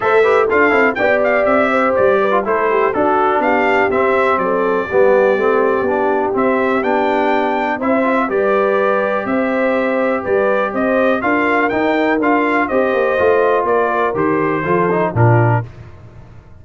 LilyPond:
<<
  \new Staff \with { instrumentName = "trumpet" } { \time 4/4 \tempo 4 = 123 e''4 f''4 g''8 f''8 e''4 | d''4 c''4 a'4 f''4 | e''4 d''2.~ | d''4 e''4 g''2 |
e''4 d''2 e''4~ | e''4 d''4 dis''4 f''4 | g''4 f''4 dis''2 | d''4 c''2 ais'4 | }
  \new Staff \with { instrumentName = "horn" } { \time 4/4 c''8 b'8 a'4 d''4. c''8~ | c''8 b'8 a'8 g'8 fis'4 g'4~ | g'4 a'4 g'2~ | g'1 |
c''4 b'2 c''4~ | c''4 b'4 c''4 ais'4~ | ais'2 c''2 | ais'2 a'4 f'4 | }
  \new Staff \with { instrumentName = "trombone" } { \time 4/4 a'8 g'8 f'8 e'8 g'2~ | g'8. f'16 e'4 d'2 | c'2 b4 c'4 | d'4 c'4 d'2 |
e'8 f'8 g'2.~ | g'2. f'4 | dis'4 f'4 g'4 f'4~ | f'4 g'4 f'8 dis'8 d'4 | }
  \new Staff \with { instrumentName = "tuba" } { \time 4/4 a4 d'8 c'8 b4 c'4 | g4 a4 d'4 b4 | c'4 fis4 g4 a4 | b4 c'4 b2 |
c'4 g2 c'4~ | c'4 g4 c'4 d'4 | dis'4 d'4 c'8 ais8 a4 | ais4 dis4 f4 ais,4 | }
>>